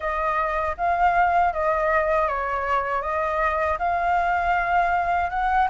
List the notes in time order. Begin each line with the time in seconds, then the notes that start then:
0.00 D#5
0.77 F5
1.53 D#5
2.28 C#5
3.02 D#5
3.78 F5
5.30 F#5